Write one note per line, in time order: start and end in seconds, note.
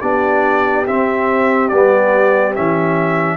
0.00 0.87 B3
0.00 0.86 D4
0.00 3.37 G4
0.00 0.85 D5
0.87 1.71 C4
0.87 1.69 E5
1.69 2.56 G3
1.69 2.54 B3
1.69 2.53 D5
2.54 3.37 E3
2.54 3.37 C#4
2.54 3.37 E5